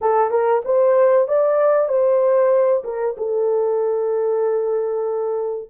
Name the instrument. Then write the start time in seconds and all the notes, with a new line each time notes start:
horn
0.01 A4
0.30 A#4
0.64 C5
1.28 D5
1.88 C5
2.84 A#4
3.17 A4